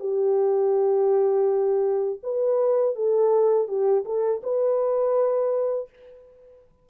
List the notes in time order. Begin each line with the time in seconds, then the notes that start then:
0.00 G4
2.23 B4
2.96 A4
3.68 G4
4.05 A4
4.43 B4